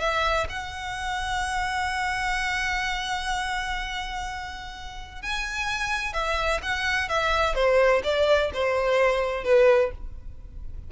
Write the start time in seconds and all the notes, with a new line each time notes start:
0.00 E5
0.49 F#5
5.22 G#5
6.13 E5
6.62 F#5
7.09 E5
7.55 C5
8.03 D5
8.53 C5
9.44 B4